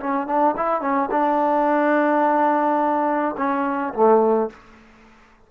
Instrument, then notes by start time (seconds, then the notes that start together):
trombone
0.00 C#4
0.27 D4
0.57 E4
0.81 C#4
1.11 D4
3.37 C#4
3.94 A3